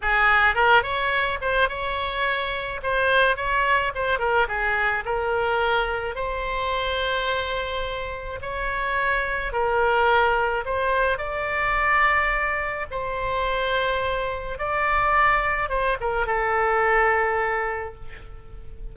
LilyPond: \new Staff \with { instrumentName = "oboe" } { \time 4/4 \tempo 4 = 107 gis'4 ais'8 cis''4 c''8 cis''4~ | cis''4 c''4 cis''4 c''8 ais'8 | gis'4 ais'2 c''4~ | c''2. cis''4~ |
cis''4 ais'2 c''4 | d''2. c''4~ | c''2 d''2 | c''8 ais'8 a'2. | }